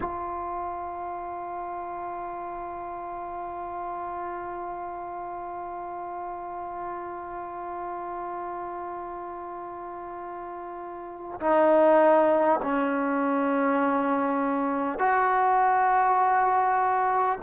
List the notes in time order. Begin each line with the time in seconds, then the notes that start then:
0.00 F4
11.39 D#4
12.62 C#4
14.98 F#4